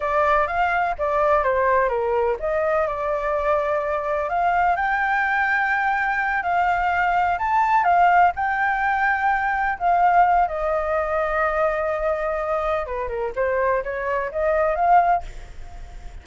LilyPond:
\new Staff \with { instrumentName = "flute" } { \time 4/4 \tempo 4 = 126 d''4 f''4 d''4 c''4 | ais'4 dis''4 d''2~ | d''4 f''4 g''2~ | g''4. f''2 a''8~ |
a''8 f''4 g''2~ g''8~ | g''8 f''4. dis''2~ | dis''2. b'8 ais'8 | c''4 cis''4 dis''4 f''4 | }